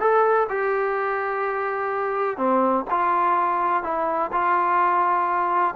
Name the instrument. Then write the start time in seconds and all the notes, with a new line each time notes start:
trombone
0.00 A4
0.49 G4
2.37 C4
2.90 F4
3.83 E4
4.32 F4